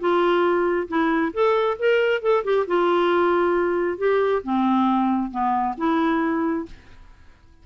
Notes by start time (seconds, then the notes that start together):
0.00 F4
0.88 E4
1.34 A4
1.79 A#4
2.22 A4
2.45 G4
2.68 F4
3.98 G4
4.44 C4
5.31 B3
5.78 E4